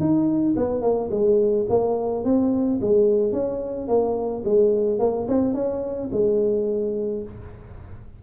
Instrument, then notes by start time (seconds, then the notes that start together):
tuba
0.00 D#4
0.56 B3
0.82 A#3
1.11 G#3
1.69 A#3
2.24 C4
2.81 G#3
3.32 C#4
3.88 A#3
4.45 G#3
4.99 A#3
5.28 C4
5.54 C#4
6.12 G#3